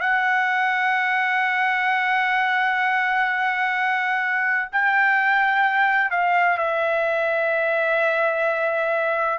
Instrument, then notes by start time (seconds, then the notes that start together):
trumpet
0.00 F#5
4.72 G5
6.11 F5
6.58 E5